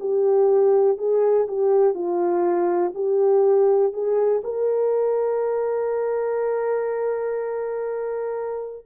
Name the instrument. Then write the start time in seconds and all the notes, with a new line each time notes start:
horn
0.00 G4
0.98 G#4
1.48 G4
1.94 F4
2.95 G4
3.93 G#4
4.44 A#4